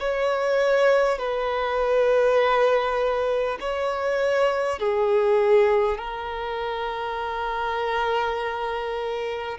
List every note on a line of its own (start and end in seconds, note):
0.00 1.19 C#5
1.19 3.59 B4
3.61 4.80 C#5
4.80 5.98 G#4
5.98 9.58 A#4